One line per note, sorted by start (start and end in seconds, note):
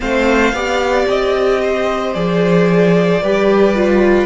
0.00 0.52 A3
0.00 0.53 C4
0.00 0.54 C5
0.00 1.07 F5
0.52 1.06 B3
0.52 2.14 G4
0.52 1.61 D5
1.08 2.15 C4
1.08 2.14 D#5
1.61 3.22 C5
2.14 3.22 F3
2.14 3.21 G#4
2.14 4.26 D5
3.22 4.26 G3
3.22 3.75 G4
3.22 4.26 B4
3.75 4.26 F4